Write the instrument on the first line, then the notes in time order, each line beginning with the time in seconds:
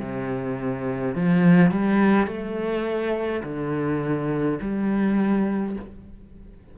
cello
0.00 C3
1.15 F3
1.71 G3
2.27 A3
3.44 D3
4.61 G3